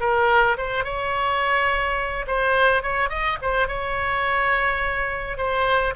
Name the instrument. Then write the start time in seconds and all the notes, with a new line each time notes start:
oboe
0.00 A#4
0.57 C5
0.84 C#5
2.27 C5
2.83 C#5
3.09 D#5
3.42 C5
3.68 C#5
5.37 C5